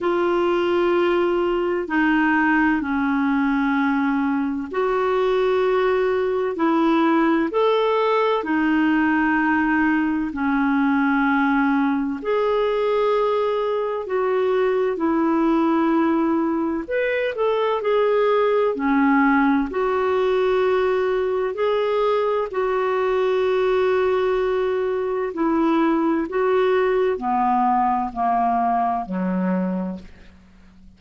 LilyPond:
\new Staff \with { instrumentName = "clarinet" } { \time 4/4 \tempo 4 = 64 f'2 dis'4 cis'4~ | cis'4 fis'2 e'4 | a'4 dis'2 cis'4~ | cis'4 gis'2 fis'4 |
e'2 b'8 a'8 gis'4 | cis'4 fis'2 gis'4 | fis'2. e'4 | fis'4 b4 ais4 fis4 | }